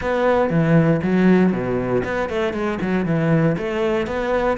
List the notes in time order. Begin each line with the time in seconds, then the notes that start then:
0.01 B3
0.49 E3
1.03 F#3
1.52 B2
2.03 B3
2.29 A3
2.53 G#3
2.81 F#3
3.05 E3
3.57 A3
4.07 B3